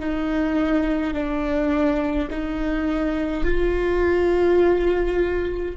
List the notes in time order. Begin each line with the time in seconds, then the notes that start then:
0.00 D#4
1.14 D4
2.31 D#4
3.45 F4